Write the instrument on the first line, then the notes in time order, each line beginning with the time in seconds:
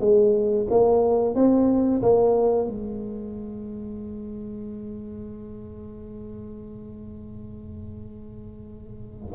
tuba
0.00 G#3
0.70 A#3
1.35 C4
2.02 A#3
2.68 G#3